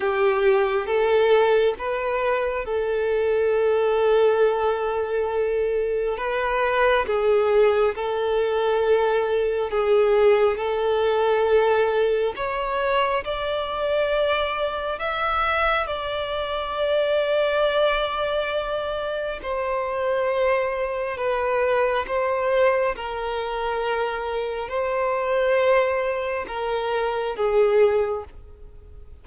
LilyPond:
\new Staff \with { instrumentName = "violin" } { \time 4/4 \tempo 4 = 68 g'4 a'4 b'4 a'4~ | a'2. b'4 | gis'4 a'2 gis'4 | a'2 cis''4 d''4~ |
d''4 e''4 d''2~ | d''2 c''2 | b'4 c''4 ais'2 | c''2 ais'4 gis'4 | }